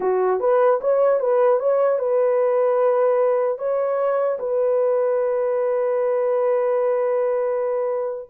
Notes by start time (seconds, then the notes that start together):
0.00 F#4
0.39 B4
0.80 C#5
1.19 B4
1.59 C#5
1.98 B4
3.58 C#5
4.39 B4